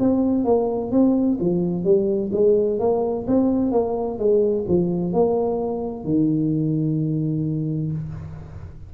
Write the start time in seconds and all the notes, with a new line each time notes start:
0.00 C4
0.45 A#3
0.92 C4
1.40 F3
1.85 G3
2.33 G#3
2.80 A#3
3.28 C4
3.72 A#3
4.18 G#3
4.68 F3
5.13 A#3
6.05 D#3